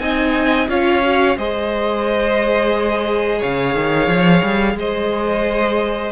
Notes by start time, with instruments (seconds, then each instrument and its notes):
0.00 cello C4, viola D#4, violin D#5 G#5
0.69 cello C#4, viola F4, violin C#5 F5
1.03 viola F#4
1.38 cello G#3, viola G#4, violin C5 D#5
3.39 cello C#3, violin C#5 F5
3.75 cello D#3
4.08 cello F3
4.43 cello G3
4.75 cello G#3, violin C5 D#5